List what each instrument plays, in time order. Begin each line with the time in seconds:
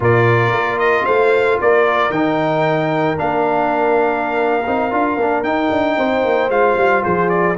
0.00 tuba A#2, trombone F4, horn A#4, trumpet D5
0.52 tuba A#3
0.78 trumpet D#5
1.04 tuba A3, horn C5, trumpet F5
1.60 tuba A#3, horn A#4, trumpet D5
2.09 tuba D#3, trombone D#4, trumpet G5
3.16 tuba A#3, trombone D4, trumpet F5
4.66 tuba C4, trombone D#4
4.90 tuba D4, trombone F4
5.17 tuba A#3, trombone D4
5.43 tuba D#4, trombone D#4, trumpet G5
5.70 tuba D4
5.97 tuba C4, horn C5
6.24 tuba A#3
6.49 tuba G#3, trombone F4, trumpet F5
6.76 tuba G3
7.03 tuba F3, horn G#4, trumpet C5
7.29 trumpet D5